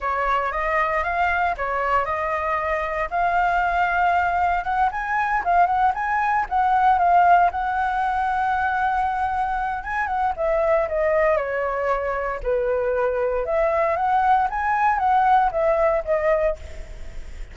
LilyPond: \new Staff \with { instrumentName = "flute" } { \time 4/4 \tempo 4 = 116 cis''4 dis''4 f''4 cis''4 | dis''2 f''2~ | f''4 fis''8 gis''4 f''8 fis''8 gis''8~ | gis''8 fis''4 f''4 fis''4.~ |
fis''2. gis''8 fis''8 | e''4 dis''4 cis''2 | b'2 e''4 fis''4 | gis''4 fis''4 e''4 dis''4 | }